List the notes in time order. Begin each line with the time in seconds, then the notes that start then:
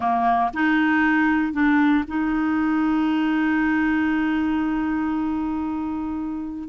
0.00 A#3
0.53 D#4
1.52 D4
2.07 D#4